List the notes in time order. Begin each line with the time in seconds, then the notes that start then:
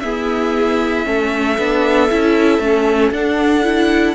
0.00 B3 E4 G#4 E5
1.04 A3 C#4 A4
1.58 B3 D4
2.10 C#4 E4
2.59 A3 C#4
3.11 D4 F#5
3.63 E4